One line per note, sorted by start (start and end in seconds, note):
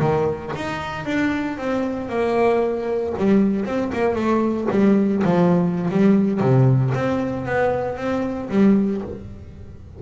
0.00 0.52 D#3
0.56 1.05 D#4
1.05 1.57 D4
1.58 2.09 C4
2.09 3.14 A#3
3.18 3.65 G3
3.65 3.91 C4
3.93 4.15 A#3
4.15 4.67 A3
4.71 5.23 G3
5.25 5.90 F3
5.90 6.41 G3
6.41 6.93 C3
6.94 7.45 C4
7.45 7.97 B3
7.97 8.49 C4
8.49 9.01 G3